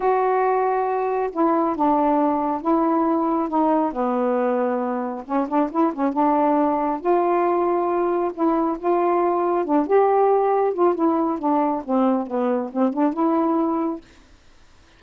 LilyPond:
\new Staff \with { instrumentName = "saxophone" } { \time 4/4 \tempo 4 = 137 fis'2. e'4 | d'2 e'2 | dis'4 b2. | cis'8 d'8 e'8 cis'8 d'2 |
f'2. e'4 | f'2 d'8 g'4.~ | g'8 f'8 e'4 d'4 c'4 | b4 c'8 d'8 e'2 | }